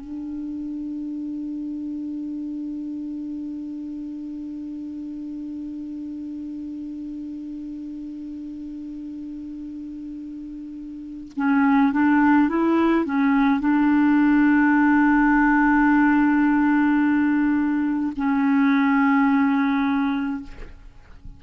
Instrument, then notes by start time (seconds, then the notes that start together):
clarinet
0.00 D4
11.36 C#4
11.92 D4
12.48 E4
13.05 C#4
13.60 D4
18.16 C#4